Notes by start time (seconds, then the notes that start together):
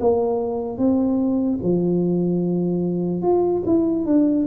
0.00 A#3
0.78 C4
1.63 F3
3.22 F4
3.66 E4
4.06 D4